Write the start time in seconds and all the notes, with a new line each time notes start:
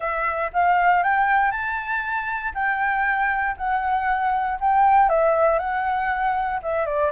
0.00 E5
0.53 F5
1.03 G5
1.51 A5
2.54 G5
3.57 F#5
4.60 G5
5.09 E5
5.58 F#5
6.62 E5
6.86 D5